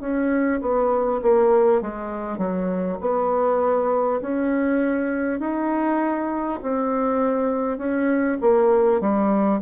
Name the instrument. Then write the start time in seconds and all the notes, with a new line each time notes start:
bassoon
0.00 C#4
0.61 B3
1.22 A#3
1.81 G#3
2.38 F#3
3.00 B3
4.21 C#4
5.39 D#4
6.62 C4
7.77 C#4
8.41 A#3
9.00 G3